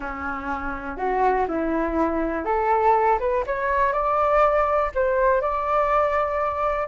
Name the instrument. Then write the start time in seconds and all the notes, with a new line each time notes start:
flute
0.00 C#4
0.97 F#4
1.48 E4
2.45 A4
3.19 B4
3.46 C#5
3.92 D5
4.94 C5
5.41 D5